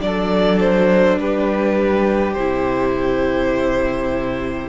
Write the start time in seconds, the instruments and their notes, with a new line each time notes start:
0.00 cello F#3, viola D4, violin A4 D5
0.60 violin C5
1.18 cello G3, violin G4 B4
2.33 cello C3, viola E4, violin C5